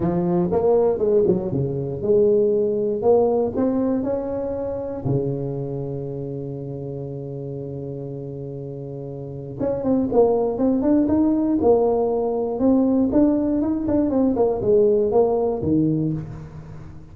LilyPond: \new Staff \with { instrumentName = "tuba" } { \time 4/4 \tempo 4 = 119 f4 ais4 gis8 fis8 cis4 | gis2 ais4 c'4 | cis'2 cis2~ | cis1~ |
cis2. cis'8 c'8 | ais4 c'8 d'8 dis'4 ais4~ | ais4 c'4 d'4 dis'8 d'8 | c'8 ais8 gis4 ais4 dis4 | }